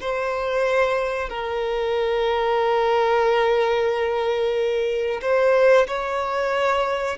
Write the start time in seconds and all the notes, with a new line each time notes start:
0.00 C5
1.29 A#4
5.22 C5
5.87 C#5